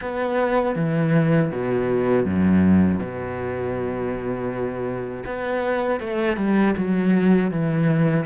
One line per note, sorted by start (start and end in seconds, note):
0.01 0.75 B3
0.75 1.50 E3
1.51 2.25 B2
2.25 2.99 F#2
2.99 5.24 B2
5.25 6.00 B3
6.00 6.36 A3
6.36 6.74 G3
6.77 7.50 F#3
7.50 8.25 E3